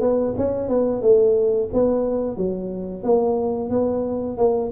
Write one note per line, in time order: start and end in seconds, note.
0.00 0.34 B3
0.37 0.68 C#4
0.68 1.01 B3
1.01 1.69 A3
1.73 2.37 B3
2.37 3.03 F#3
3.03 3.70 A#3
3.70 4.37 B3
4.37 4.71 A#3